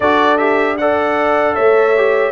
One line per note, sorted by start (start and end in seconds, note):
0.00 1.56 D4
0.00 0.38 F#4
0.00 0.77 A4
0.00 0.37 D5
0.37 0.77 G4
0.37 0.76 E5
0.77 1.97 A4
0.77 1.55 D5
0.77 1.55 F#5
1.55 2.31 A3
1.55 2.31 C#5
1.55 2.31 E5
1.97 2.31 G4